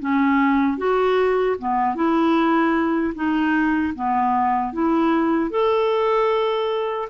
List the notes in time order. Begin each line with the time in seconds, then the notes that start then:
0.00 C#4
0.78 F#4
1.59 B3
1.95 E4
3.14 D#4
3.94 B3
4.73 E4
5.50 A4